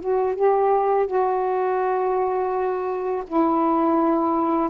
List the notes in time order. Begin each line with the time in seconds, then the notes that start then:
0.00 F#4
0.35 G4
1.06 F#4
3.27 E4